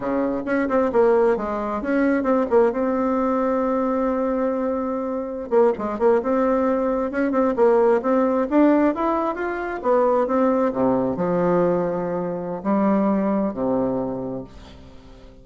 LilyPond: \new Staff \with { instrumentName = "bassoon" } { \time 4/4 \tempo 4 = 133 cis4 cis'8 c'8 ais4 gis4 | cis'4 c'8 ais8 c'2~ | c'1~ | c'16 ais8 gis8 ais8 c'2 cis'16~ |
cis'16 c'8 ais4 c'4 d'4 e'16~ | e'8. f'4 b4 c'4 c16~ | c8. f2.~ f16 | g2 c2 | }